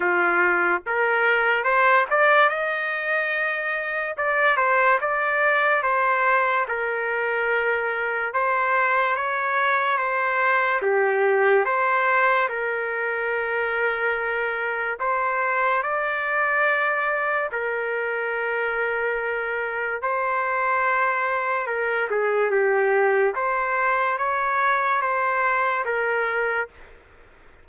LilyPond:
\new Staff \with { instrumentName = "trumpet" } { \time 4/4 \tempo 4 = 72 f'4 ais'4 c''8 d''8 dis''4~ | dis''4 d''8 c''8 d''4 c''4 | ais'2 c''4 cis''4 | c''4 g'4 c''4 ais'4~ |
ais'2 c''4 d''4~ | d''4 ais'2. | c''2 ais'8 gis'8 g'4 | c''4 cis''4 c''4 ais'4 | }